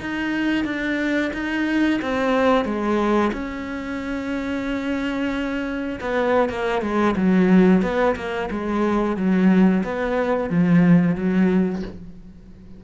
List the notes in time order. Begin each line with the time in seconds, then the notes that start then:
0.00 D#4
0.64 D4
1.33 D#4
2.01 C4
2.65 G#3
3.32 C#4
6.00 B3
6.49 A#3
6.82 G#3
7.16 F#3
7.82 B3
8.16 A#3
8.50 G#3
9.16 F#3
9.84 B3
10.49 F3
11.15 F#3